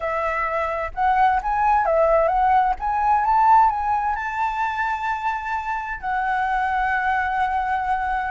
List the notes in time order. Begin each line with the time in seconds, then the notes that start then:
0.00 E5
0.94 F#5
1.42 G#5
1.85 E5
2.27 F#5
2.79 G#5
3.24 A5
3.69 G#5
4.15 A5
6.00 F#5